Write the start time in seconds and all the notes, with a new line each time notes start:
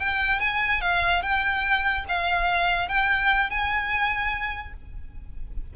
0.00 G5
0.41 G#5
0.82 F5
1.23 G5
2.09 F5
2.89 G5
3.50 G#5